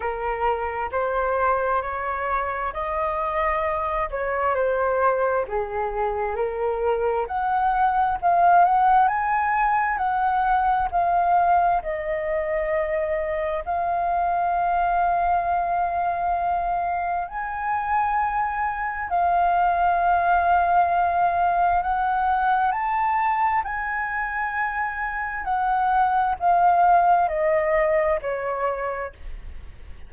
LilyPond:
\new Staff \with { instrumentName = "flute" } { \time 4/4 \tempo 4 = 66 ais'4 c''4 cis''4 dis''4~ | dis''8 cis''8 c''4 gis'4 ais'4 | fis''4 f''8 fis''8 gis''4 fis''4 | f''4 dis''2 f''4~ |
f''2. gis''4~ | gis''4 f''2. | fis''4 a''4 gis''2 | fis''4 f''4 dis''4 cis''4 | }